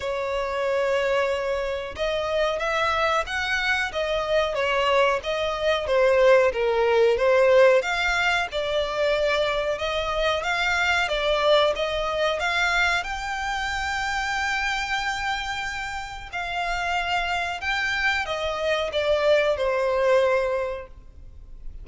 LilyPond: \new Staff \with { instrumentName = "violin" } { \time 4/4 \tempo 4 = 92 cis''2. dis''4 | e''4 fis''4 dis''4 cis''4 | dis''4 c''4 ais'4 c''4 | f''4 d''2 dis''4 |
f''4 d''4 dis''4 f''4 | g''1~ | g''4 f''2 g''4 | dis''4 d''4 c''2 | }